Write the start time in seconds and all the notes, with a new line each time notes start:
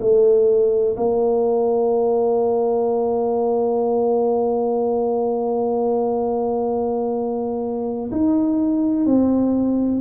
0.00 A3
0.97 A#3
8.11 D#4
9.06 C4